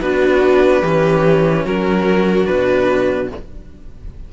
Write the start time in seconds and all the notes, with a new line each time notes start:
0.00 B3 D4 F#4 B4
0.81 E3 C#4 G4
1.62 F#3 F#4 A#4
2.45 B2 D4 B4